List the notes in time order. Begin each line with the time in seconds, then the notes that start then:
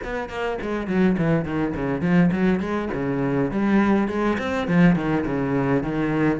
0.03 B3
0.29 A#3
0.61 G#3
0.87 F#3
1.17 E3
1.45 D#3
1.74 C#3
2.01 F3
2.31 F#3
2.59 G#3
2.93 C#3
3.51 G3
4.08 G#3
4.38 C4
4.67 F3
4.95 D#3
5.26 C#3
5.83 D#3